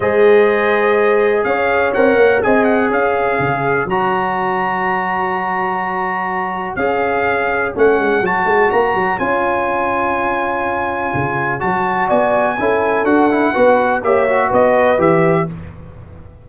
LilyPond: <<
  \new Staff \with { instrumentName = "trumpet" } { \time 4/4 \tempo 4 = 124 dis''2. f''4 | fis''4 gis''8 fis''8 f''2 | ais''1~ | ais''2 f''2 |
fis''4 a''4 ais''4 gis''4~ | gis''1 | a''4 gis''2 fis''4~ | fis''4 e''4 dis''4 e''4 | }
  \new Staff \with { instrumentName = "horn" } { \time 4/4 c''2. cis''4~ | cis''4 dis''4 cis''2~ | cis''1~ | cis''1~ |
cis''1~ | cis''1~ | cis''4 d''4 a'2 | b'4 cis''4 b'2 | }
  \new Staff \with { instrumentName = "trombone" } { \time 4/4 gis'1 | ais'4 gis'2. | fis'1~ | fis'2 gis'2 |
cis'4 fis'2 f'4~ | f'1 | fis'2 e'4 fis'8 e'8 | fis'4 g'8 fis'4. g'4 | }
  \new Staff \with { instrumentName = "tuba" } { \time 4/4 gis2. cis'4 | c'8 ais8 c'4 cis'4 cis4 | fis1~ | fis2 cis'2 |
a8 gis8 fis8 gis8 ais8 fis8 cis'4~ | cis'2. cis4 | fis4 b4 cis'4 d'4 | b4 ais4 b4 e4 | }
>>